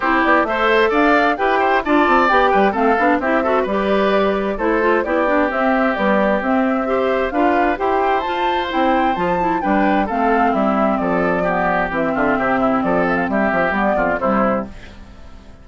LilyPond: <<
  \new Staff \with { instrumentName = "flute" } { \time 4/4 \tempo 4 = 131 c''8 d''8 e''4 f''4 g''4 | a''4 g''4 f''4 e''4 | d''2 c''4 d''4 | e''4 d''4 e''2 |
f''4 g''4 a''4 g''4 | a''4 g''4 f''4 e''4 | d''2 e''2 | d''8 e''16 f''16 e''4 d''4 c''4 | }
  \new Staff \with { instrumentName = "oboe" } { \time 4/4 g'4 c''4 d''4 b'8 c''8 | d''4. b'8 a'4 g'8 a'8 | b'2 a'4 g'4~ | g'2. c''4 |
b'4 c''2.~ | c''4 b'4 a'4 e'4 | a'4 g'4. f'8 g'8 e'8 | a'4 g'4. f'8 e'4 | }
  \new Staff \with { instrumentName = "clarinet" } { \time 4/4 e'4 a'2 g'4 | f'4 g'4 c'8 d'8 e'8 fis'8 | g'2 e'8 f'8 e'8 d'8 | c'4 g4 c'4 g'4 |
f'4 g'4 f'4 e'4 | f'8 e'8 d'4 c'2~ | c'4 b4 c'2~ | c'2 b4 g4 | }
  \new Staff \with { instrumentName = "bassoon" } { \time 4/4 c'8 b8 a4 d'4 e'4 | d'8 c'8 b8 g8 a8 b8 c'4 | g2 a4 b4 | c'4 b4 c'2 |
d'4 e'4 f'4 c'4 | f4 g4 a4 g4 | f2 e8 d8 c4 | f4 g8 f8 g8 f,8 c4 | }
>>